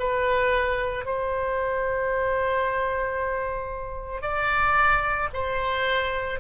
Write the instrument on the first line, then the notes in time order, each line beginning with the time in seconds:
oboe
0.00 B4
1.06 C5
4.22 D5
5.34 C5